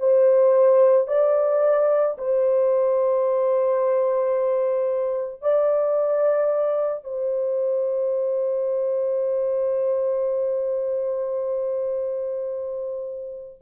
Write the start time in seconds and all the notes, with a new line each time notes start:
0.00 C5
1.08 D5
2.18 C5
5.42 D5
7.04 C5